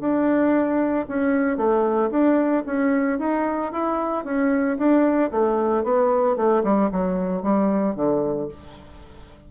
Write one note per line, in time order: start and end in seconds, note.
0.00 1.06 D4
1.08 1.57 C#4
1.57 2.10 A3
2.10 2.64 D4
2.66 3.19 C#4
3.19 3.72 D#4
3.72 4.25 E4
4.25 4.78 C#4
4.78 5.31 D4
5.31 5.84 A3
5.84 6.36 B3
6.36 6.63 A3
6.64 6.90 G3
6.92 7.42 F#3
7.42 7.95 G3
7.95 8.48 D3